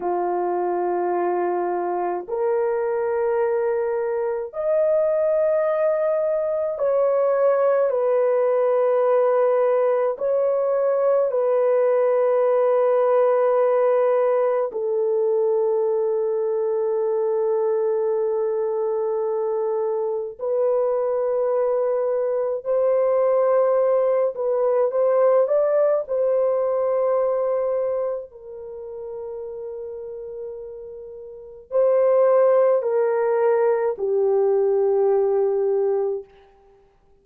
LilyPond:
\new Staff \with { instrumentName = "horn" } { \time 4/4 \tempo 4 = 53 f'2 ais'2 | dis''2 cis''4 b'4~ | b'4 cis''4 b'2~ | b'4 a'2.~ |
a'2 b'2 | c''4. b'8 c''8 d''8 c''4~ | c''4 ais'2. | c''4 ais'4 g'2 | }